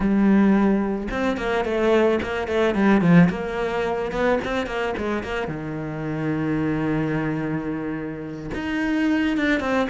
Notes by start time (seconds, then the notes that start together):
0.00 G3
1.10 C4
1.37 A#3
1.64 A3
2.22 A#3
2.47 A3
2.74 G3
3.01 F3
3.29 A#3
4.11 B3
4.44 C4
4.66 A#3
4.97 G#3
5.23 A#3
5.47 D#3
8.54 D#4
9.37 D4
9.60 C4